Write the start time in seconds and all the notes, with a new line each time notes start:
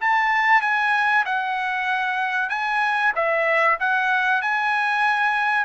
0.00 A5
0.61 G#5
1.25 F#5
2.49 G#5
3.15 E5
3.79 F#5
4.42 G#5